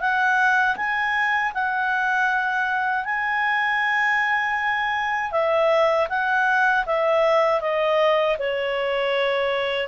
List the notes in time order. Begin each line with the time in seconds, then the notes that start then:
0.00 F#5
0.76 G#5
1.54 F#5
3.05 G#5
5.31 E5
6.09 F#5
6.86 E5
7.61 D#5
8.39 C#5